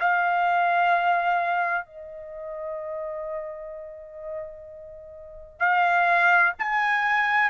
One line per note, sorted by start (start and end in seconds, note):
0.00 1.86 F5
1.86 5.60 D#5
5.60 6.53 F5
6.59 7.50 G#5